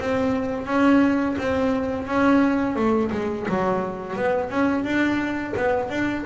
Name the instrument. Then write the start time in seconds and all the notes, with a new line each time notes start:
double bass
0.00 C4
0.67 C#4
1.39 C4
2.08 C#4
2.77 A3
3.12 G#3
3.49 F#3
4.17 B3
4.51 C#4
4.85 D4
5.57 B3
5.90 D4